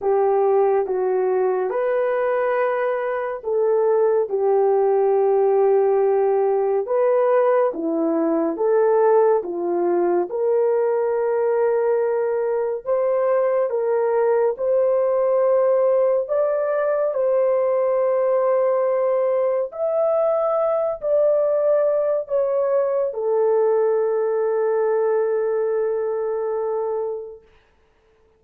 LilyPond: \new Staff \with { instrumentName = "horn" } { \time 4/4 \tempo 4 = 70 g'4 fis'4 b'2 | a'4 g'2. | b'4 e'4 a'4 f'4 | ais'2. c''4 |
ais'4 c''2 d''4 | c''2. e''4~ | e''8 d''4. cis''4 a'4~ | a'1 | }